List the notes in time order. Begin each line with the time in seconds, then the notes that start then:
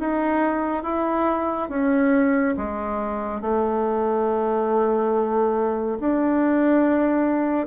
0.00 D#4
0.84 E4
1.70 C#4
2.57 G#3
3.41 A3
6.00 D4